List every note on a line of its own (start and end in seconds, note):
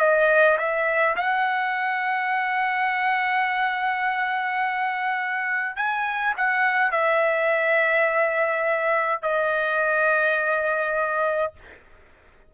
0.00 0.58 D#5
0.58 1.16 E5
1.16 5.76 F#5
5.76 6.34 G#5
6.37 6.92 F#5
6.92 9.23 E5
9.23 11.53 D#5